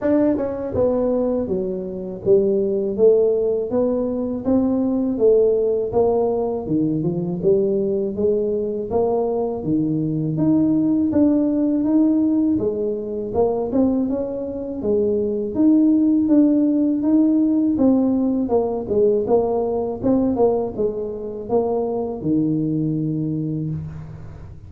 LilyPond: \new Staff \with { instrumentName = "tuba" } { \time 4/4 \tempo 4 = 81 d'8 cis'8 b4 fis4 g4 | a4 b4 c'4 a4 | ais4 dis8 f8 g4 gis4 | ais4 dis4 dis'4 d'4 |
dis'4 gis4 ais8 c'8 cis'4 | gis4 dis'4 d'4 dis'4 | c'4 ais8 gis8 ais4 c'8 ais8 | gis4 ais4 dis2 | }